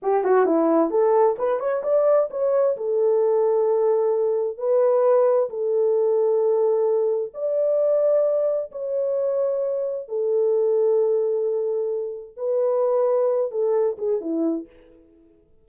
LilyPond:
\new Staff \with { instrumentName = "horn" } { \time 4/4 \tempo 4 = 131 g'8 fis'8 e'4 a'4 b'8 cis''8 | d''4 cis''4 a'2~ | a'2 b'2 | a'1 |
d''2. cis''4~ | cis''2 a'2~ | a'2. b'4~ | b'4. a'4 gis'8 e'4 | }